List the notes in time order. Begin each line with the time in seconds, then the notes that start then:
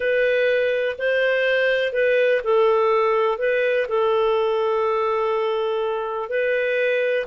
0.00 B4
0.98 C5
1.92 B4
2.43 A4
3.38 B4
3.88 A4
6.29 B4